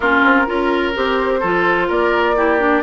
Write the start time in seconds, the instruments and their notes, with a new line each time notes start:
0.00 bassoon A#3, clarinet C#4, oboe F4, flute A#4
0.24 bassoon C4
0.46 bassoon C#4, clarinet F4, oboe A#4
0.94 bassoon C4, clarinet G4, flute C5
1.39 bassoon F3, clarinet F4, oboe A4
1.88 bassoon A#3, oboe A#4, flute D5
2.36 clarinet E4, oboe G4
2.59 clarinet D4